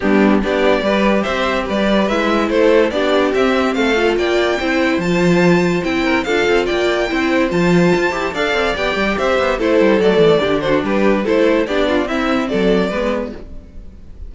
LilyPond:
<<
  \new Staff \with { instrumentName = "violin" } { \time 4/4 \tempo 4 = 144 g'4 d''2 e''4 | d''4 e''4 c''4 d''4 | e''4 f''4 g''2 | a''2 g''4 f''4 |
g''2 a''2 | f''4 g''4 e''4 c''4 | d''4. c''8 b'4 c''4 | d''4 e''4 d''2 | }
  \new Staff \with { instrumentName = "violin" } { \time 4/4 d'4 g'4 b'4 c''4 | b'2 a'4 g'4~ | g'4 a'4 d''4 c''4~ | c''2~ c''8 ais'8 a'4 |
d''4 c''2. | d''2 c''4 a'4~ | a'4 g'8 fis'8 g'4 a'4 | g'8 f'8 e'4 a'4 b'4 | }
  \new Staff \with { instrumentName = "viola" } { \time 4/4 b4 d'4 g'2~ | g'4 e'2 d'4 | c'4. f'4. e'4 | f'2 e'4 f'4~ |
f'4 e'4 f'4. g'8 | a'4 g'2 e'4 | a4 d'2 e'4 | d'4 c'2 b4 | }
  \new Staff \with { instrumentName = "cello" } { \time 4/4 g4 b4 g4 c'4 | g4 gis4 a4 b4 | c'4 a4 ais4 c'4 | f2 c'4 d'8 c'8 |
ais4 c'4 f4 f'8 e'8 | d'8 c'8 b8 g8 c'8 b8 a8 g8 | fis8 e8 d4 g4 a4 | b4 c'4 fis4 gis4 | }
>>